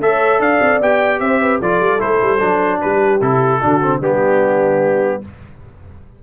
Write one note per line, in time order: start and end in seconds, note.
0.00 0.39 A3
0.00 0.82 A4
0.00 0.40 C#5
0.00 0.41 E5
0.39 0.59 D4
0.39 1.20 D5
0.39 0.81 F5
0.61 0.81 C4
0.81 1.20 B3
0.81 1.62 G4
0.81 1.20 G5
1.20 1.60 C4
1.20 1.41 C5
1.20 1.60 E5
1.41 1.60 B4
1.60 1.80 F3
1.60 1.99 F4
1.60 2.80 A4
1.60 2.01 D5
1.80 2.00 G3
1.99 2.21 A3
1.99 2.39 E4
1.99 2.81 C5
2.22 2.41 G3
2.40 2.81 F#3
2.40 3.20 D4
2.81 3.21 G3
2.81 3.60 G4
2.81 3.21 B4
3.21 3.61 C3
3.21 3.61 E4
3.21 4.01 A4
3.60 4.00 D3
3.60 3.81 D4
3.60 4.00 F#4
3.83 4.02 C4
4.00 5.20 G3
4.00 5.22 B3
4.00 5.22 D4
4.00 5.23 G4